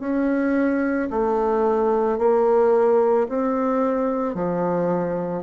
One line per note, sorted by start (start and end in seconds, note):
0.00 1.09 C#4
1.11 2.19 A3
2.19 3.28 A#3
3.29 4.35 C4
4.35 5.43 F3